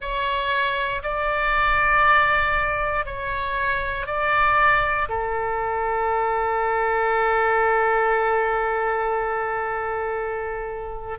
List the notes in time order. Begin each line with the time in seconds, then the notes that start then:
0.00 C#5
1.03 D5
3.05 C#5
4.06 D5
5.08 A4